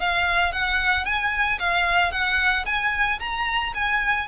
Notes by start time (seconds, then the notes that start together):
0.00 F5
0.52 F#5
1.05 G#5
1.59 F5
2.12 F#5
2.65 G#5
3.19 A#5
3.74 G#5